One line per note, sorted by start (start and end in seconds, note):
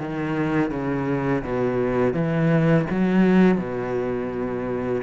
0.00 0.71 D#3
0.71 1.43 C#3
1.44 2.14 B2
2.14 2.86 E3
2.91 3.58 F#3
3.58 5.03 B2